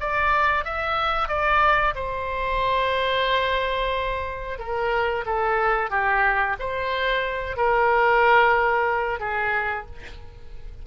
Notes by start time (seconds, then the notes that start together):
0.00 D5
0.65 E5
1.28 D5
1.95 C5
4.59 A#4
5.26 A4
5.90 G4
6.59 C5
7.56 A#4
9.19 G#4